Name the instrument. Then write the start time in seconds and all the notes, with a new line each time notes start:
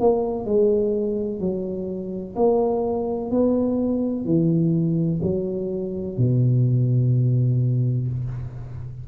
tuba
0.00 A#3
0.45 G#3
1.40 F#3
2.35 A#3
3.31 B3
4.25 E3
5.22 F#3
6.17 B2